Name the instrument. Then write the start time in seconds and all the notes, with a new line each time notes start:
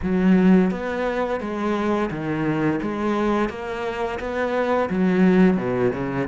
cello
0.02 F#3
0.70 B3
1.40 G#3
2.10 D#3
2.82 G#3
3.49 A#3
4.19 B3
4.89 F#3
5.57 B2
5.93 C#3